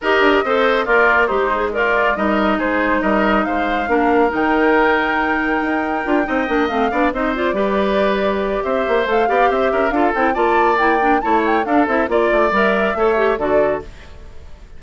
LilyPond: <<
  \new Staff \with { instrumentName = "flute" } { \time 4/4 \tempo 4 = 139 dis''2 d''4 c''4 | d''4 dis''4 c''4 dis''4 | f''2 g''2~ | g''2.~ g''8 f''8~ |
f''8 dis''8 d''2. | e''4 f''4 e''4 f''8 g''8 | a''4 g''4 a''8 g''8 f''8 e''8 | d''4 e''2 d''4 | }
  \new Staff \with { instrumentName = "oboe" } { \time 4/4 ais'4 c''4 f'4 dis'4 | f'4 ais'4 gis'4 ais'4 | c''4 ais'2.~ | ais'2~ ais'8 dis''4. |
d''8 c''4 b'2~ b'8 | c''4. d''8 c''8 ais'8 a'4 | d''2 cis''4 a'4 | d''2 cis''4 a'4 | }
  \new Staff \with { instrumentName = "clarinet" } { \time 4/4 g'4 a'4 ais'4 g'8 gis'8 | ais'4 dis'2.~ | dis'4 d'4 dis'2~ | dis'2 f'8 dis'8 d'8 c'8 |
d'8 dis'8 f'8 g'2~ g'8~ | g'4 a'8 g'4. f'8 e'8 | f'4 e'8 d'8 e'4 d'8 e'8 | f'4 ais'4 a'8 g'8 fis'4 | }
  \new Staff \with { instrumentName = "bassoon" } { \time 4/4 dis'8 d'8 c'4 ais4 gis4~ | gis4 g4 gis4 g4 | gis4 ais4 dis2~ | dis4 dis'4 d'8 c'8 ais8 a8 |
b8 c'4 g2~ g8 | c'8 ais8 a8 b8 c'8 cis'8 d'8 c'8 | ais2 a4 d'8 c'8 | ais8 a8 g4 a4 d4 | }
>>